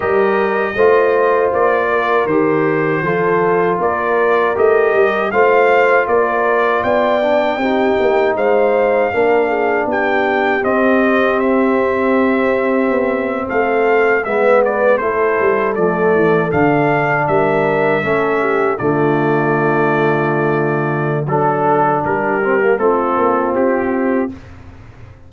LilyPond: <<
  \new Staff \with { instrumentName = "trumpet" } { \time 4/4 \tempo 4 = 79 dis''2 d''4 c''4~ | c''4 d''4 dis''4 f''4 | d''4 g''2 f''4~ | f''4 g''4 dis''4 e''4~ |
e''4.~ e''16 f''4 e''8 d''8 c''16~ | c''8. d''4 f''4 e''4~ e''16~ | e''8. d''2.~ d''16 | a'4 ais'4 a'4 g'4 | }
  \new Staff \with { instrumentName = "horn" } { \time 4/4 ais'4 c''4. ais'4. | a'4 ais'2 c''4 | ais'4 d''4 g'4 c''4 | ais'8 gis'8 g'2.~ |
g'4.~ g'16 a'4 b'4 a'16~ | a'2~ a'8. ais'4 a'16~ | a'16 g'8 f'2.~ f'16 | a'4 g'4 f'2 | }
  \new Staff \with { instrumentName = "trombone" } { \time 4/4 g'4 f'2 g'4 | f'2 g'4 f'4~ | f'4. d'8 dis'2 | d'2 c'2~ |
c'2~ c'8. b4 e'16~ | e'8. a4 d'2 cis'16~ | cis'8. a2.~ a16 | d'4. c'16 ais16 c'2 | }
  \new Staff \with { instrumentName = "tuba" } { \time 4/4 g4 a4 ais4 dis4 | f4 ais4 a8 g8 a4 | ais4 b4 c'8 ais8 gis4 | ais4 b4 c'2~ |
c'4 b8. a4 gis4 a16~ | a16 g8 f8 e8 d4 g4 a16~ | a8. d2.~ d16 | fis4 g4 a8 ais8 c'4 | }
>>